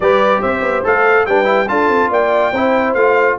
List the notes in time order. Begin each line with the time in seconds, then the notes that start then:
0.00 G3 G4 B4 D5
0.41 C4 C5 E5
0.61 B3
0.84 A3 A4 F5
1.26 G3 D4 B4 G5
1.44 E4
1.68 D4 F4 A4 A5
1.88 C4
2.09 A#3 D5 G5
2.52 C4 E4 C5
2.94 A3 F4 F5